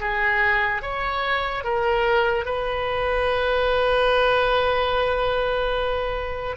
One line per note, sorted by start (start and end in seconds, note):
0.00 0.82 G#4
0.83 1.64 C#5
1.64 2.46 A#4
2.46 6.57 B4